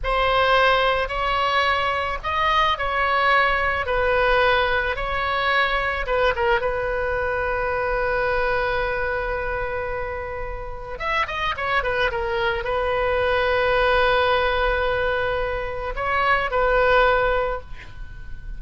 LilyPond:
\new Staff \with { instrumentName = "oboe" } { \time 4/4 \tempo 4 = 109 c''2 cis''2 | dis''4 cis''2 b'4~ | b'4 cis''2 b'8 ais'8 | b'1~ |
b'1 | e''8 dis''8 cis''8 b'8 ais'4 b'4~ | b'1~ | b'4 cis''4 b'2 | }